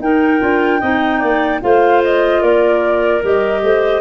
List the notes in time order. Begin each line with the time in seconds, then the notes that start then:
0.00 D#4 A#4 G5
0.40 D4 F4
0.80 C4 D#4 D#5
1.19 A#3 D5
1.61 A3 F4 C5 F5
2.04 D#5
2.41 A#3 A#4 D5
3.22 G3 G4 D#5
3.62 A3 C5